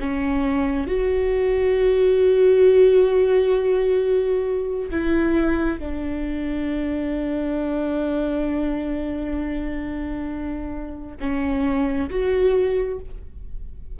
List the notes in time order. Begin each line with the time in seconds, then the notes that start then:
0.00 C#4
0.88 F#4
4.91 E4
5.79 D4
11.20 C#4
12.10 F#4